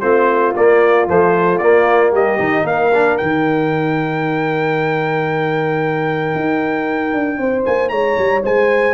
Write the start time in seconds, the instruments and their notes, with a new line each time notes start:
0.00 tuba A3, trombone C4, horn F4, trumpet C5
0.55 trombone A#3, tuba A#3, trumpet D5
1.07 trombone F3, tuba A3, trumpet C5
1.58 trombone A#3, tuba A#3, trumpet D5
2.11 tuba G3, horn G4, trumpet D#5
2.38 tuba D#3, trombone D#4
2.64 tuba A#3, horn A#4, trumpet F5
2.93 trombone D4
3.17 tuba D#3, trombone D#4, trumpet G5
6.35 tuba D#4
7.13 tuba D4
7.38 tuba C4, horn C5
7.65 tuba A#3, trumpet G#5
7.89 tuba G#3, horn C#5, trumpet A#5
8.18 tuba G3
8.43 tuba G#3, horn C5, trumpet G#5